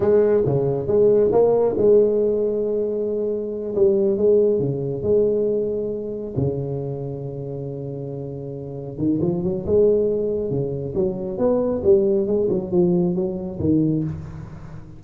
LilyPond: \new Staff \with { instrumentName = "tuba" } { \time 4/4 \tempo 4 = 137 gis4 cis4 gis4 ais4 | gis1~ | gis8 g4 gis4 cis4 gis8~ | gis2~ gis8 cis4.~ |
cis1~ | cis8 dis8 f8 fis8 gis2 | cis4 fis4 b4 g4 | gis8 fis8 f4 fis4 dis4 | }